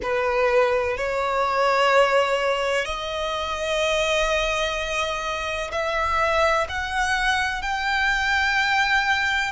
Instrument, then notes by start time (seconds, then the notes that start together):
violin
0.02 B4
0.97 C#5
2.85 D#5
5.71 E5
6.68 F#5
7.61 G5